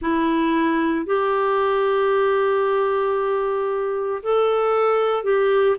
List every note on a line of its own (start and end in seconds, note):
0.01 1.06 E4
1.06 4.22 G4
4.22 5.23 A4
5.23 5.76 G4